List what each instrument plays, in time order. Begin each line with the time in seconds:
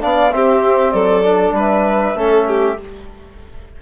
0.00 bassoon B3, trombone D4, violin D5, flute F5
0.32 trombone C4, bassoon C4, violin G4, flute E5
0.91 bassoon F#3, violin A4, flute D5
1.23 trombone D4
1.51 bassoon G3, violin B4
1.59 flute E5
2.14 bassoon A3, trombone C#4, violin A4
2.47 violin G4